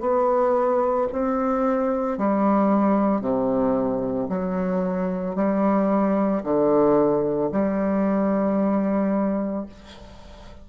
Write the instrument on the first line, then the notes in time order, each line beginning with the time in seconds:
bassoon
0.00 B3
1.12 C4
2.18 G3
3.20 C3
4.29 F#3
5.35 G3
6.43 D3
7.51 G3